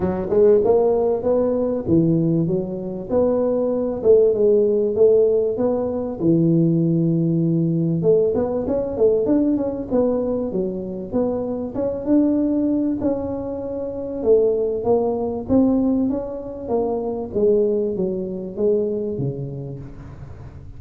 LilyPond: \new Staff \with { instrumentName = "tuba" } { \time 4/4 \tempo 4 = 97 fis8 gis8 ais4 b4 e4 | fis4 b4. a8 gis4 | a4 b4 e2~ | e4 a8 b8 cis'8 a8 d'8 cis'8 |
b4 fis4 b4 cis'8 d'8~ | d'4 cis'2 a4 | ais4 c'4 cis'4 ais4 | gis4 fis4 gis4 cis4 | }